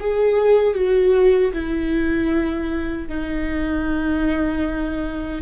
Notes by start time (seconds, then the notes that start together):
0.00 G#4
0.75 F#4
1.53 E4
3.09 D#4